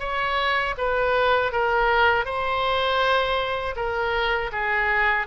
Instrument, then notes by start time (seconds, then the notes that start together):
oboe
0.00 C#5
0.78 B4
1.52 A#4
2.25 C5
3.76 A#4
4.52 G#4